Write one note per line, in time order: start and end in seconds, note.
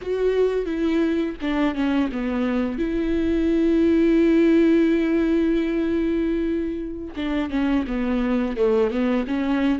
0.01 0.65 F#4
0.65 1.35 E4
1.41 1.74 D4
1.74 2.09 C#4
2.12 2.78 B3
2.78 7.14 E4
7.15 7.49 D4
7.49 7.84 C#4
7.87 8.57 B3
8.57 8.90 A3
8.90 9.25 B3
9.27 9.79 C#4